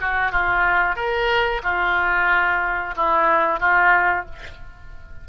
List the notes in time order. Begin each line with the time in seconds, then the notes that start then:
0.00 F#4
0.31 F4
0.95 A#4
1.63 F4
2.96 E4
3.59 F4